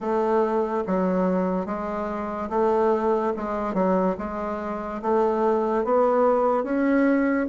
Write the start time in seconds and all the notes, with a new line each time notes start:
0.00 A3
0.86 F#3
1.66 G#3
2.49 A3
3.36 G#3
3.74 F#3
4.18 G#3
5.02 A3
5.84 B3
6.63 C#4